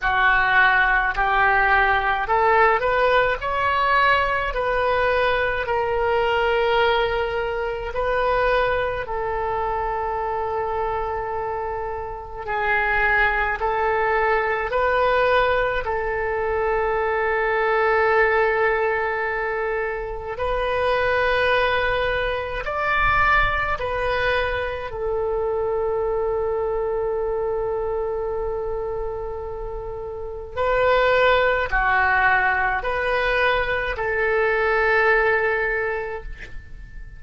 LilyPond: \new Staff \with { instrumentName = "oboe" } { \time 4/4 \tempo 4 = 53 fis'4 g'4 a'8 b'8 cis''4 | b'4 ais'2 b'4 | a'2. gis'4 | a'4 b'4 a'2~ |
a'2 b'2 | d''4 b'4 a'2~ | a'2. b'4 | fis'4 b'4 a'2 | }